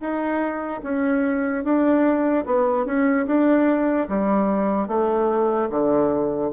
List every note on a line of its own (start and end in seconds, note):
0.00 0.81 D#4
0.83 1.64 C#4
1.64 2.45 D4
2.46 2.86 B3
2.86 3.26 C#4
3.27 4.08 D4
4.08 4.88 G3
4.88 5.69 A3
5.70 6.51 D3